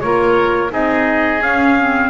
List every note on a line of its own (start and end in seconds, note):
0.00 0.71 A#3
0.00 0.69 F4
0.00 0.72 A#4
0.00 0.70 C#5
0.69 1.41 C4
0.69 1.39 D#4
0.69 2.10 G#4
0.69 1.42 D#5
1.41 2.10 C#4
1.41 1.77 C#4
1.41 2.10 F5
1.78 2.10 C4